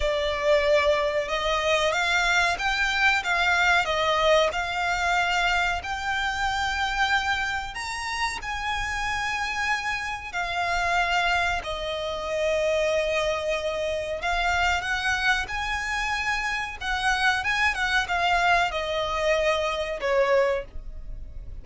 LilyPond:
\new Staff \with { instrumentName = "violin" } { \time 4/4 \tempo 4 = 93 d''2 dis''4 f''4 | g''4 f''4 dis''4 f''4~ | f''4 g''2. | ais''4 gis''2. |
f''2 dis''2~ | dis''2 f''4 fis''4 | gis''2 fis''4 gis''8 fis''8 | f''4 dis''2 cis''4 | }